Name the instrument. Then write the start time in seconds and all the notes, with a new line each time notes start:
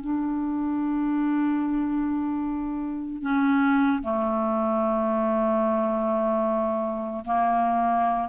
clarinet
0.00 D4
3.21 C#4
4.02 A3
7.25 A#3